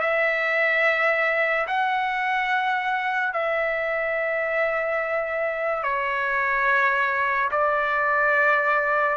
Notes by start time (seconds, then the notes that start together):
0.00 E5
1.67 F#5
3.33 E5
5.83 C#5
7.51 D5